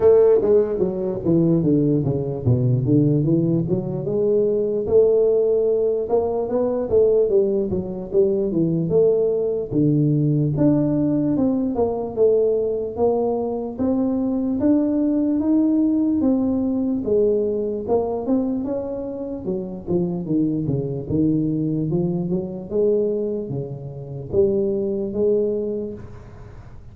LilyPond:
\new Staff \with { instrumentName = "tuba" } { \time 4/4 \tempo 4 = 74 a8 gis8 fis8 e8 d8 cis8 b,8 d8 | e8 fis8 gis4 a4. ais8 | b8 a8 g8 fis8 g8 e8 a4 | d4 d'4 c'8 ais8 a4 |
ais4 c'4 d'4 dis'4 | c'4 gis4 ais8 c'8 cis'4 | fis8 f8 dis8 cis8 dis4 f8 fis8 | gis4 cis4 g4 gis4 | }